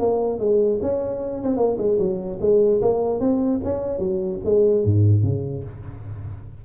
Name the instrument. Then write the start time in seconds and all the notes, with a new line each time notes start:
tuba
0.00 A#3
0.40 G#3
0.83 C#4
1.43 C4
1.57 A#3
1.78 G#3
1.99 F#3
2.41 G#3
2.82 A#3
3.20 C4
3.64 C#4
3.99 F#3
4.45 G#3
4.85 G#2
5.24 C#3